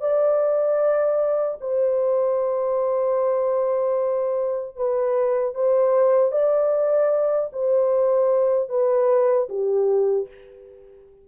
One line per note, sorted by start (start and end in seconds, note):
0.00 1.58 D5
1.60 4.76 C5
4.76 5.55 B4
5.55 6.32 C5
6.32 7.50 D5
7.53 8.69 C5
8.69 9.48 B4
9.49 10.28 G4